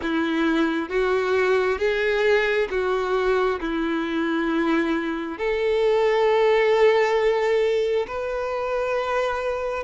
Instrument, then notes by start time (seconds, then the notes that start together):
violin
0.02 E4
0.89 F#4
1.78 G#4
2.70 F#4
3.60 E4
5.37 A4
8.07 B4